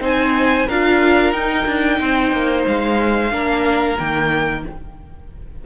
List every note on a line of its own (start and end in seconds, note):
0.00 0.66 C4
0.00 0.66 D#4
0.00 0.67 C5
0.00 0.69 G#5
0.67 1.33 D4
0.67 1.34 F4
0.67 1.99 A#4
0.67 1.32 F5
1.32 1.66 D#4
1.32 3.31 D#4
1.32 2.64 G5
1.66 1.99 D4
2.00 2.32 C4
2.00 3.32 C5
2.32 2.65 A#3
2.67 3.32 G#3
2.67 3.98 F5
3.31 3.98 A#3
3.31 3.97 D4
3.31 4.64 A#4
3.98 4.65 D#3
3.98 4.64 A#3
3.98 4.64 G5